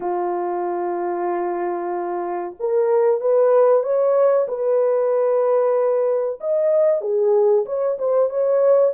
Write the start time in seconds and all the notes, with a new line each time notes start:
0.00 F4
2.59 A#4
3.20 B4
3.83 C#5
4.48 B4
6.40 D#5
7.01 G#4
7.65 C#5
7.98 C5
8.29 C#5